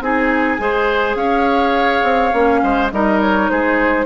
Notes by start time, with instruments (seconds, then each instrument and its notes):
0.00 bassoon C4, clarinet D#4, oboe G#4, flute G#5
0.59 bassoon G#3, clarinet G#4, oboe C5
1.15 bassoon C#4, oboe C#5, flute F5
2.03 bassoon C4
2.33 bassoon A#3, clarinet C#4
2.63 bassoon G#3, oboe C5
2.91 bassoon G3, clarinet D#4, oboe A#4, flute D#5
3.21 flute C#5
3.49 bassoon G#3, oboe G#4, flute C5